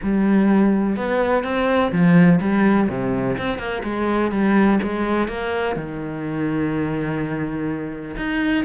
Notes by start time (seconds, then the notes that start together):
0.02 G3
0.96 B3
1.43 C4
1.91 F3
2.40 G3
2.89 C3
3.38 C4
3.58 A#3
3.83 G#3
4.31 G3
4.82 G#3
5.28 A#3
5.76 D#3
8.16 D#4